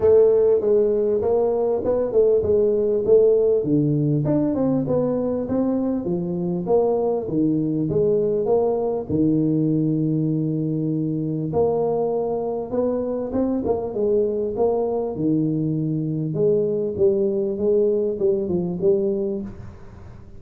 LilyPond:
\new Staff \with { instrumentName = "tuba" } { \time 4/4 \tempo 4 = 99 a4 gis4 ais4 b8 a8 | gis4 a4 d4 d'8 c'8 | b4 c'4 f4 ais4 | dis4 gis4 ais4 dis4~ |
dis2. ais4~ | ais4 b4 c'8 ais8 gis4 | ais4 dis2 gis4 | g4 gis4 g8 f8 g4 | }